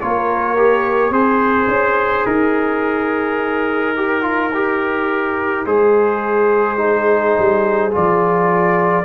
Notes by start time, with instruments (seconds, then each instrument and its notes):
0.00 tuba A#3, trombone F4, horn A#4, trumpet C#5
0.56 trombone G4
1.10 tuba C4, horn D#4, trombone G#4, trumpet C5
1.68 tuba C#4
2.26 tuba D#4, trumpet A#4
3.96 trombone G4
4.21 trombone F4
4.54 trombone G4
5.66 tuba G#3, trombone G#4, trumpet C5
6.77 trombone D#4, horn G#4
7.38 tuba G3
7.91 tuba F3, trombone F4, trumpet D5